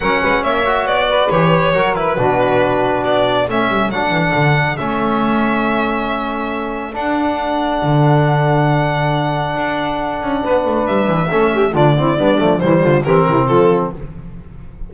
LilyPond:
<<
  \new Staff \with { instrumentName = "violin" } { \time 4/4 \tempo 4 = 138 fis''4 e''4 d''4 cis''4~ | cis''8 b'2~ b'8 d''4 | e''4 fis''2 e''4~ | e''1 |
fis''1~ | fis''1~ | fis''4 e''2 d''4~ | d''4 c''4 ais'4 a'4 | }
  \new Staff \with { instrumentName = "saxophone" } { \time 4/4 ais'8 b'8 cis''4. b'4. | ais'4 fis'2. | a'1~ | a'1~ |
a'1~ | a'1 | b'2 a'8 g'8 f'8 e'8 | d'4 e'8 f'8 g'8 e'8 f'4 | }
  \new Staff \with { instrumentName = "trombone" } { \time 4/4 cis'4. fis'4. g'4 | fis'8 e'8 d'2. | cis'4 d'2 cis'4~ | cis'1 |
d'1~ | d'1~ | d'2 cis'4 d'8 c'8 | b8 a8 g4 c'2 | }
  \new Staff \with { instrumentName = "double bass" } { \time 4/4 fis8 gis8 ais4 b4 e4 | fis4 b,2 b4 | a8 g8 fis8 e8 d4 a4~ | a1 |
d'2 d2~ | d2 d'4. cis'8 | b8 a8 g8 e8 a4 d4 | g8 f8 e8 d8 e8 c8 f4 | }
>>